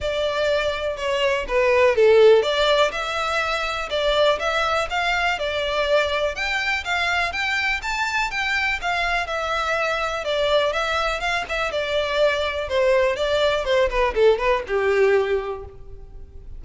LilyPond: \new Staff \with { instrumentName = "violin" } { \time 4/4 \tempo 4 = 123 d''2 cis''4 b'4 | a'4 d''4 e''2 | d''4 e''4 f''4 d''4~ | d''4 g''4 f''4 g''4 |
a''4 g''4 f''4 e''4~ | e''4 d''4 e''4 f''8 e''8 | d''2 c''4 d''4 | c''8 b'8 a'8 b'8 g'2 | }